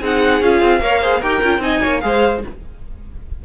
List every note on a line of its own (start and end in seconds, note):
0.00 0.42 C4
0.00 0.42 D#4
0.00 0.81 G#4
0.00 0.44 F#5
0.42 0.62 C#4
0.42 0.82 F4
0.42 1.23 F5
0.62 0.80 C4
0.80 1.21 A#3
0.80 1.02 A#4
0.80 1.01 C#5
1.01 1.22 G#4
1.01 1.20 C5
1.20 1.42 D#4
1.20 1.43 G4
1.20 1.61 A#4
1.20 1.62 G5
1.43 1.59 C#4
1.43 1.61 F4
1.59 1.79 C4
1.59 2.01 D#4
1.59 1.82 D#5
1.59 2.01 G#5
1.82 2.04 A#3
1.82 2.02 C#5
2.01 2.44 G#3
2.01 2.42 G#4
2.01 2.45 C5
2.01 2.41 F5